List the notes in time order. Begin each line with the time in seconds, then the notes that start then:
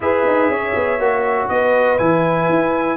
0.00 E4 G#4 B4 E5
0.27 D#4
0.48 C#4 C#5
0.74 B3
0.98 A#3 F#4
1.49 B3 B4 D#5
1.98 E3 E4 G#5
2.49 E4